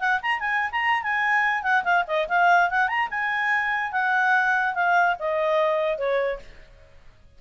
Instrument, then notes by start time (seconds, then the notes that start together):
clarinet
0.00 F#5
0.22 A#5
0.40 G#5
0.72 A#5
1.03 G#5
1.63 F#5
1.85 F5
2.08 D#5
2.29 F5
2.71 F#5
2.88 A#5
3.11 G#5
3.93 F#5
4.75 F5
5.19 D#5
5.98 C#5